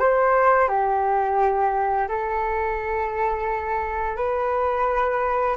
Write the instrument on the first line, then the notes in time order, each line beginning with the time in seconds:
flute
0.00 C5
0.69 G4
2.09 A4
4.17 B4